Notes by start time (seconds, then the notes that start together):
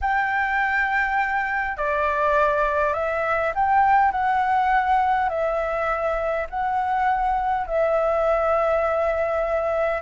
0.01 G5
1.77 D5
2.93 E5
3.55 G5
4.11 F#5
5.29 E5
6.49 F#5
7.66 E5